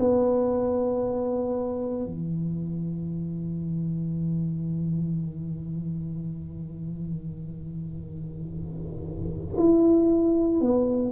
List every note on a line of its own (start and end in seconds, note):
0.00 2.06 B3
2.06 9.56 E3
9.57 10.61 E4
10.61 11.13 B3